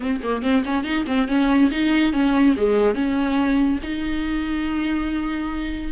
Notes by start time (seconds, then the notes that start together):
0.00 C4
0.23 A#3
0.42 C4
0.65 C#4
0.84 D#4
1.06 C4
1.28 C#4
1.71 D#4
2.13 C#4
2.56 G#3
2.94 C#4
3.82 D#4